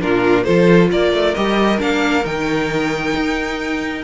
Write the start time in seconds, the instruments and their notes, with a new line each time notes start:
0.00 cello A#2, viola D4, violin F4 A#4
0.44 cello F3, viola F4, violin A4 C5
0.91 cello A#3, violin A#4 D5
1.12 cello A3
1.34 cello G3, viola G4, violin D#5
1.78 cello A#3, viola D4, violin F5
2.23 cello D#3, viola D#4, violin G5
3.15 cello D#4